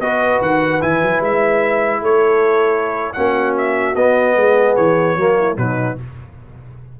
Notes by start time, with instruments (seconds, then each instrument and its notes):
0.00 tuba B3, trombone F#4, horn B4, trumpet D#5
0.41 tuba D#3, trumpet F#5
0.81 tuba E3, trombone E4, trumpet G#5
1.02 tuba F#3
1.21 tuba G#3, trumpet E5
2.01 tuba A3, horn A4, trumpet C#5
3.13 tuba A#3, trombone C#4, horn F#4, trumpet F#5
3.57 trumpet E5
3.95 tuba B3, trombone B3, trumpet D#5
4.36 tuba G#3, horn G#4
4.76 tuba E3, trumpet C#5
5.16 tuba F#3, trombone A#3, horn F#4
5.38 horn E4
5.55 tuba B2, trombone F#3, horn D#4, trumpet B4